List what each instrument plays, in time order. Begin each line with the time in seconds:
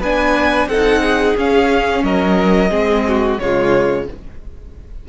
0.00 cello B3, viola D4, violin B4 G#5
0.66 cello C4, viola D#4, violin A4 F#5
1.02 violin G#4
1.37 cello C#4, viola C#4, violin F5
2.03 cello F#3, violin A#4 D#5
2.69 cello G#3, viola C4, violin G#4
3.08 violin F#4
3.39 cello C#3, viola G#3, violin F4 C#5